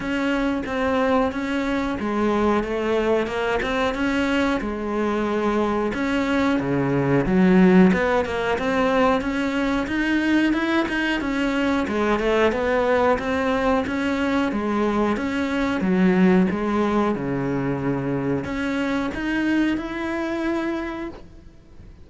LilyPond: \new Staff \with { instrumentName = "cello" } { \time 4/4 \tempo 4 = 91 cis'4 c'4 cis'4 gis4 | a4 ais8 c'8 cis'4 gis4~ | gis4 cis'4 cis4 fis4 | b8 ais8 c'4 cis'4 dis'4 |
e'8 dis'8 cis'4 gis8 a8 b4 | c'4 cis'4 gis4 cis'4 | fis4 gis4 cis2 | cis'4 dis'4 e'2 | }